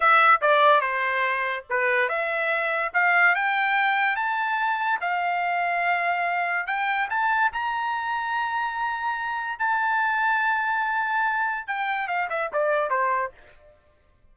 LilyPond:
\new Staff \with { instrumentName = "trumpet" } { \time 4/4 \tempo 4 = 144 e''4 d''4 c''2 | b'4 e''2 f''4 | g''2 a''2 | f''1 |
g''4 a''4 ais''2~ | ais''2. a''4~ | a''1 | g''4 f''8 e''8 d''4 c''4 | }